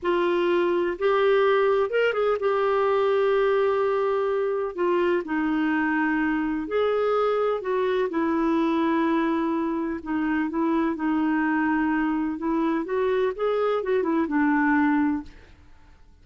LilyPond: \new Staff \with { instrumentName = "clarinet" } { \time 4/4 \tempo 4 = 126 f'2 g'2 | ais'8 gis'8 g'2.~ | g'2 f'4 dis'4~ | dis'2 gis'2 |
fis'4 e'2.~ | e'4 dis'4 e'4 dis'4~ | dis'2 e'4 fis'4 | gis'4 fis'8 e'8 d'2 | }